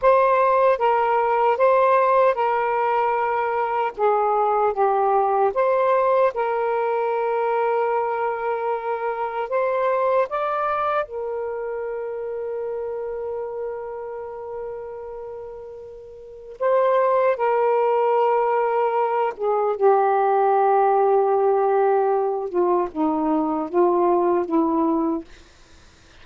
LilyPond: \new Staff \with { instrumentName = "saxophone" } { \time 4/4 \tempo 4 = 76 c''4 ais'4 c''4 ais'4~ | ais'4 gis'4 g'4 c''4 | ais'1 | c''4 d''4 ais'2~ |
ais'1~ | ais'4 c''4 ais'2~ | ais'8 gis'8 g'2.~ | g'8 f'8 dis'4 f'4 e'4 | }